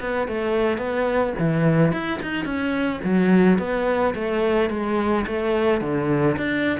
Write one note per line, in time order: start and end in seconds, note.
0.00 0.28 B3
0.28 0.78 A3
0.78 1.33 B3
1.38 1.92 E3
1.92 2.20 E4
2.22 2.45 D#4
2.45 3.01 C#4
3.04 3.58 F#3
3.58 4.14 B3
4.14 4.70 A3
4.70 5.25 G#3
5.26 5.81 A3
5.81 6.36 D3
6.37 6.79 D4